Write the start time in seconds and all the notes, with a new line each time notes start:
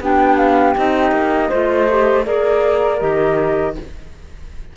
0.00 B3 D4 G4 G5
0.38 F5
0.75 C4 D#4 D#5
1.12 A#3
1.49 A3 F4 C5
1.90 G4
2.24 A#3 G#4 A#4 D5
2.99 D#3 G4 D#5